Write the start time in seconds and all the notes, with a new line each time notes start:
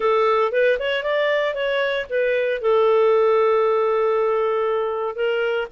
0.00 A4
0.52 B4
0.79 C#5
1.03 D5
1.54 C#5
2.09 B4
2.61 A4
5.15 A#4